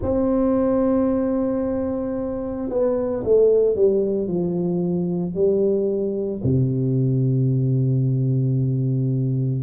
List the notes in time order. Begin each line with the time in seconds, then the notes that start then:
0.02 C4
2.69 B3
3.23 A3
3.75 G3
4.27 F3
5.34 G3
6.43 C3